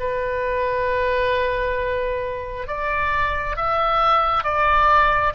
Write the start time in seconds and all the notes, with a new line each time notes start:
0.00 B4
2.67 D5
3.57 E5
4.44 D5